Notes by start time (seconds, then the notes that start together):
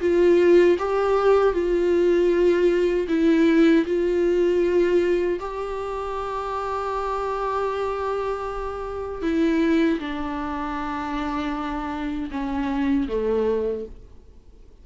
0.00 F4
0.78 G4
1.53 F4
3.08 E4
3.85 F4
5.40 G4
9.22 E4
9.99 D4
12.31 C#4
13.08 A3